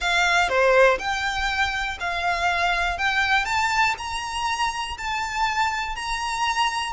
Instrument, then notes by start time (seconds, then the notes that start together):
violin
0.00 F5
0.48 C5
0.98 G5
2.00 F5
2.98 G5
3.45 A5
3.98 A#5
4.97 A5
5.95 A#5